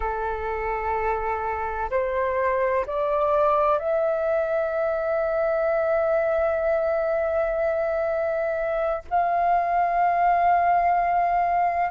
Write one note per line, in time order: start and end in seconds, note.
0.00 1.90 A4
1.90 2.85 C5
2.86 3.78 D5
3.78 9.02 E5
9.10 11.90 F5